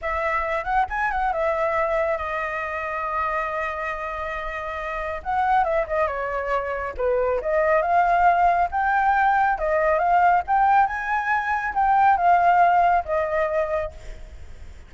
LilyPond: \new Staff \with { instrumentName = "flute" } { \time 4/4 \tempo 4 = 138 e''4. fis''8 gis''8 fis''8 e''4~ | e''4 dis''2.~ | dis''1 | fis''4 e''8 dis''8 cis''2 |
b'4 dis''4 f''2 | g''2 dis''4 f''4 | g''4 gis''2 g''4 | f''2 dis''2 | }